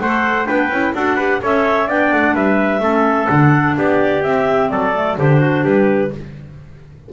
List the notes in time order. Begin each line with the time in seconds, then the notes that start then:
0.00 A3 A4 C5 F#5
0.45 B3 D4 B4 G5
0.69 C#4 E4
0.93 D4 F#4 A4 F#5
1.16 G4 B4
1.41 C#4 A4 C#5 E5
1.87 B3 D4 D5 G5
2.12 A3 F#5
2.34 G3 B4 E5
2.80 A3 C#4 A4
3.27 D3 D4 F#5
3.77 B3 G4 D5
4.22 C4 E5
4.69 F#3 A4 D5
4.93 A3
5.16 D3 D4 G4 C5
5.40 F#4
5.63 G3 G4 B4